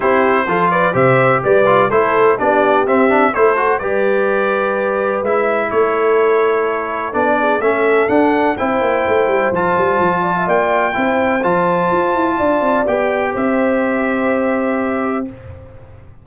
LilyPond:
<<
  \new Staff \with { instrumentName = "trumpet" } { \time 4/4 \tempo 4 = 126 c''4. d''8 e''4 d''4 | c''4 d''4 e''4 c''4 | d''2. e''4 | cis''2. d''4 |
e''4 fis''4 g''2 | a''2 g''2 | a''2. g''4 | e''1 | }
  \new Staff \with { instrumentName = "horn" } { \time 4/4 g'4 a'8 b'8 c''4 b'4 | a'4 g'2 a'4 | b'1 | a'2.~ a'8 gis'8 |
a'2 c''2~ | c''4. d''16 e''16 d''4 c''4~ | c''2 d''2 | c''1 | }
  \new Staff \with { instrumentName = "trombone" } { \time 4/4 e'4 f'4 g'4. f'8 | e'4 d'4 c'8 d'8 e'8 fis'8 | g'2. e'4~ | e'2. d'4 |
cis'4 d'4 e'2 | f'2. e'4 | f'2. g'4~ | g'1 | }
  \new Staff \with { instrumentName = "tuba" } { \time 4/4 c'4 f4 c4 g4 | a4 b4 c'4 a4 | g2. gis4 | a2. b4 |
a4 d'4 c'8 ais8 a8 g8 | f8 g8 f4 ais4 c'4 | f4 f'8 e'8 d'8 c'8 b4 | c'1 | }
>>